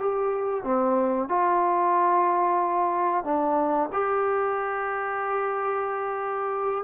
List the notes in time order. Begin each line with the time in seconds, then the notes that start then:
0.00 G4
0.64 C4
1.29 F4
3.25 D4
3.93 G4